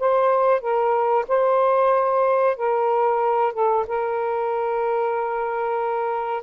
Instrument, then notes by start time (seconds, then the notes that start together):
saxophone
0.00 C5
0.61 A#4
1.28 C5
2.57 A#4
3.54 A4
3.87 A#4